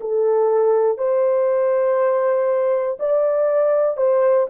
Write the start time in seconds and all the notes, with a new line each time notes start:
0.00 A4
0.98 C5
2.99 D5
3.97 C5